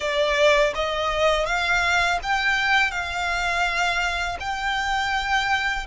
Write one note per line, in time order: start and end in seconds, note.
0.00 0.73 D5
0.74 1.45 D#5
1.45 2.19 F5
2.23 2.91 G5
2.91 4.37 F5
4.39 5.86 G5